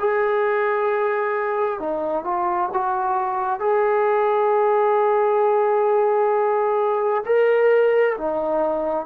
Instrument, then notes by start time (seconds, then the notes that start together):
trombone
0.00 G#4
1.80 D#4
2.24 F4
2.74 F#4
3.60 G#4
7.26 A#4
8.18 D#4